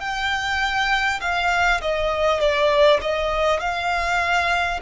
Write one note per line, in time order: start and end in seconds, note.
0.00 1.20 G5
1.21 1.81 F5
1.81 2.41 D#5
2.41 3.01 D5
3.02 3.60 D#5
3.60 4.80 F5